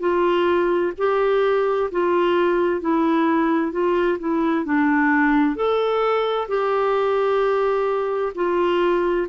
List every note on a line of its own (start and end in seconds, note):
0.00 0.92 F4
0.98 1.90 G4
1.92 2.81 F4
2.81 3.72 E4
3.72 4.18 F4
4.19 4.65 E4
4.65 5.56 D4
5.56 6.48 A4
6.48 8.33 G4
8.35 9.27 F4